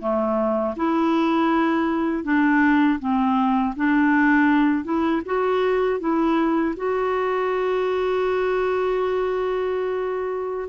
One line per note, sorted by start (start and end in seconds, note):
0.00 0.75 A3
0.77 2.24 E4
2.24 2.99 D4
3.00 3.75 C4
3.77 4.84 D4
4.84 5.22 E4
5.26 6.00 F#4
6.00 6.75 E4
6.77 10.69 F#4